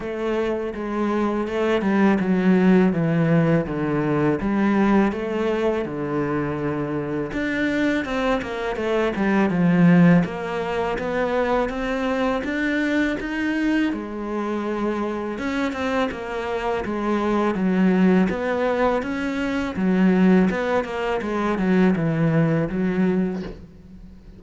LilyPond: \new Staff \with { instrumentName = "cello" } { \time 4/4 \tempo 4 = 82 a4 gis4 a8 g8 fis4 | e4 d4 g4 a4 | d2 d'4 c'8 ais8 | a8 g8 f4 ais4 b4 |
c'4 d'4 dis'4 gis4~ | gis4 cis'8 c'8 ais4 gis4 | fis4 b4 cis'4 fis4 | b8 ais8 gis8 fis8 e4 fis4 | }